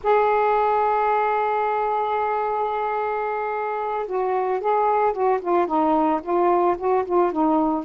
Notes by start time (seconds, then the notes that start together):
0.03 G#4
4.06 F#4
4.60 G#4
5.13 F#4
5.41 F4
5.66 D#4
6.22 F4
6.77 F#4
7.05 F4
7.32 D#4